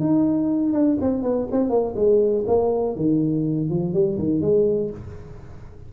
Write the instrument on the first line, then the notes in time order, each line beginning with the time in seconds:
tuba
0.00 D#4
0.73 D4
1.01 C4
1.23 B3
1.52 C4
1.70 A#3
1.96 G#3
2.47 A#3
2.96 D#3
3.70 F3
3.94 G3
4.18 D#3
4.42 G#3